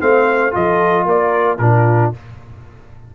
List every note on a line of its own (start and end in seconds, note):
0.00 0.55 A3
0.00 0.51 C4
0.00 0.54 C5
0.00 0.54 F5
0.51 1.06 F3
0.51 1.57 F4
0.51 1.05 A4
0.51 1.08 D#5
1.05 1.59 A#3
1.05 1.58 A#4
1.05 1.58 D5
1.58 2.12 A#2
1.58 2.14 D4
1.58 2.15 F4
1.58 2.11 A#4